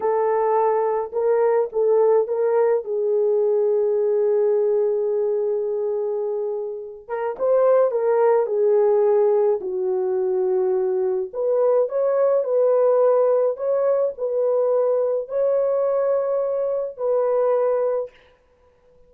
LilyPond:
\new Staff \with { instrumentName = "horn" } { \time 4/4 \tempo 4 = 106 a'2 ais'4 a'4 | ais'4 gis'2.~ | gis'1~ | gis'8 ais'8 c''4 ais'4 gis'4~ |
gis'4 fis'2. | b'4 cis''4 b'2 | cis''4 b'2 cis''4~ | cis''2 b'2 | }